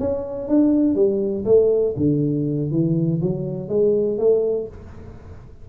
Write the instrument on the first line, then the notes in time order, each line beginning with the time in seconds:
tuba
0.00 C#4
0.48 D4
0.95 G3
1.45 A3
1.97 D3
2.71 E3
3.22 F#3
3.69 G#3
4.19 A3